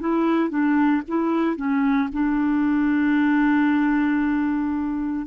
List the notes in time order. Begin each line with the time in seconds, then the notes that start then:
0.00 E4
0.49 D4
1.08 E4
1.56 C#4
2.12 D4